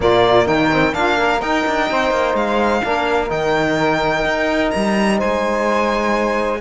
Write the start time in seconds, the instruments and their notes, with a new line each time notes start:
0.00 cello A#2, trombone A#3, saxophone F4, violin D5
0.44 cello D#3, saxophone D#4, violin G5
0.71 trombone C4
0.92 cello A#3, trombone D4, saxophone F4, violin F5
1.17 saxophone A#4
1.41 cello D#4, trombone D#4, violin G5
1.67 cello D4
1.90 cello C4, saxophone C5
2.11 cello A#3
2.34 cello G#3, violin F5
2.83 cello A#3, trombone D4, saxophone A#4
3.28 cello D#3, trombone D#4, violin G5
4.24 cello D#4
4.70 cello G3, violin A#5
5.18 cello G#3, saxophone C5, violin G#5